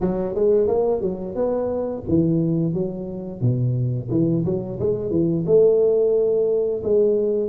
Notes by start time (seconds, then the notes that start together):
0.00 F#3
0.34 G#3
0.67 A#3
1.01 F#3
1.35 B3
2.08 E3
2.73 F#3
3.41 B2
4.10 E3
4.45 F#3
4.79 G#3
5.10 E3
5.46 A3
6.83 G#3